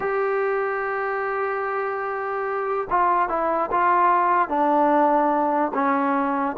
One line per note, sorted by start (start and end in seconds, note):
0.00 2.88 G4
2.90 3.29 F4
3.29 3.70 E4
3.71 4.48 F4
4.48 5.72 D4
5.74 6.56 C#4